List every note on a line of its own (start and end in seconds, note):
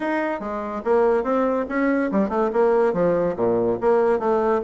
0.00 0.40 D#4
0.40 0.82 G#3
0.84 1.23 A#3
1.23 1.65 C4
1.68 2.10 C#4
2.11 2.29 G3
2.29 2.50 A3
2.53 2.93 A#3
2.93 3.35 F3
3.36 3.78 A#2
3.81 4.19 A#3
4.19 4.61 A3